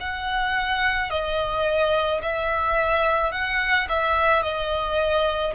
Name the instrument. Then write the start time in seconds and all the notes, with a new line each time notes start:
violin
0.00 F#5
1.10 D#5
2.22 E5
3.32 F#5
3.89 E5
4.42 D#5